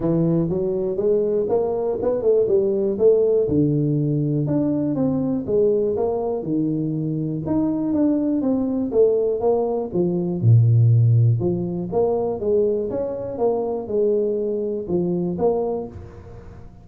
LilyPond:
\new Staff \with { instrumentName = "tuba" } { \time 4/4 \tempo 4 = 121 e4 fis4 gis4 ais4 | b8 a8 g4 a4 d4~ | d4 d'4 c'4 gis4 | ais4 dis2 dis'4 |
d'4 c'4 a4 ais4 | f4 ais,2 f4 | ais4 gis4 cis'4 ais4 | gis2 f4 ais4 | }